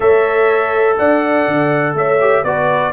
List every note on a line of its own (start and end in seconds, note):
0.00 0.97 A3
0.00 2.18 A4
0.00 0.97 C#5
0.00 0.97 E5
0.98 1.47 D4
0.98 1.96 D5
0.98 1.95 F#5
1.47 1.94 D3
1.94 2.42 A3
1.94 2.45 C#5
1.94 2.44 E5
2.20 2.45 G4
2.43 2.92 B3
2.43 2.92 F#4
2.43 2.92 B4
2.43 2.92 D5